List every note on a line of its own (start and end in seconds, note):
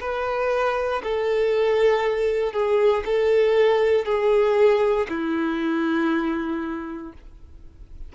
0.00 1.02 B4
1.03 2.52 A4
2.52 3.03 G#4
3.05 4.04 A4
4.04 5.06 G#4
5.09 7.12 E4